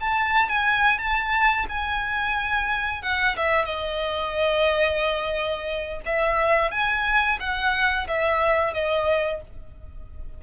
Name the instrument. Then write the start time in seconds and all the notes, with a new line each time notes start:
violin
0.00 A5
0.48 G#5
0.98 A5
1.68 G#5
3.02 F#5
3.36 E5
3.65 D#5
6.06 E5
6.71 G#5
7.39 F#5
8.07 E5
8.73 D#5